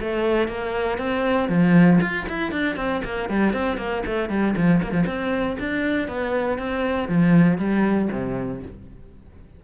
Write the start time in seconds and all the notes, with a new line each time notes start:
0.00 A3
0.48 A#3
0.98 C4
1.49 F3
2.01 F4
2.29 E4
2.52 D4
2.76 C4
3.04 A#3
3.29 G3
3.53 C4
3.77 A#3
4.06 A3
4.29 G3
4.56 F3
4.83 A#3
4.92 F3
5.06 C4
5.59 D4
6.08 B3
6.58 C4
7.08 F3
7.58 G3
8.11 C3